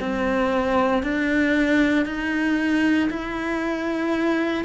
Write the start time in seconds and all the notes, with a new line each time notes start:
0.00 C4
1.03 D4
2.05 D#4
3.10 E4